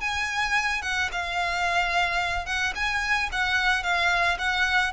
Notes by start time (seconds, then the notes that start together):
0.00 G#5
0.82 F#5
1.12 F5
2.45 F#5
2.75 G#5
3.32 F#5
3.83 F5
4.38 F#5